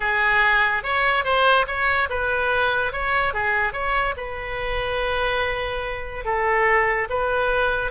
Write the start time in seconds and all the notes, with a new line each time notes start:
0.00 G#4
0.83 C#5
1.24 C5
1.67 C#5
2.09 B4
2.92 C#5
3.33 G#4
3.73 C#5
4.16 B4
6.24 A4
7.09 B4